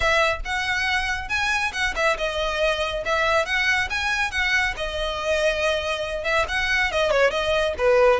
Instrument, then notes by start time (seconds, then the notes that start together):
violin
0.00 E5
0.44 F#5
1.29 G#5
1.72 F#5
1.95 E5
2.17 D#5
3.05 E5
3.45 F#5
3.89 G#5
4.31 F#5
4.76 D#5
6.24 E5
6.48 F#5
6.91 D#5
7.10 C#5
7.31 D#5
7.78 B4